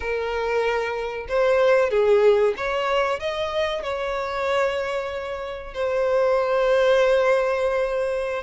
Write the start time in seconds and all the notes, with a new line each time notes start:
0.00 A#4
1.28 C5
1.90 G#4
2.56 C#5
3.19 D#5
3.82 C#5
5.73 C5